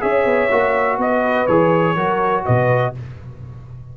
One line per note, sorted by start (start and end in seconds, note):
0.00 0.25 C#4
0.00 0.49 G#4
0.00 1.00 C#5
0.00 0.99 E5
0.25 0.49 B3
0.51 0.98 A#3
0.51 1.48 F#4
0.98 1.46 B3
0.98 1.96 B4
0.98 1.47 D#5
1.47 1.96 E3
1.47 1.97 G#4
1.47 2.44 C#5
1.96 2.45 F#3
1.96 2.94 F#4
1.96 2.44 A#4
2.45 2.97 B2
2.45 2.94 B4
2.45 2.94 D#5